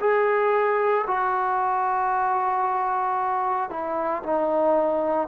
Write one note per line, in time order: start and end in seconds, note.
0.00 1.05 G#4
1.07 3.70 F#4
3.70 4.22 E4
4.23 5.28 D#4